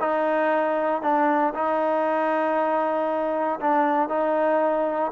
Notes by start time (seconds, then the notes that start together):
0.00 D#4
1.02 D4
1.55 D#4
3.61 D4
4.09 D#4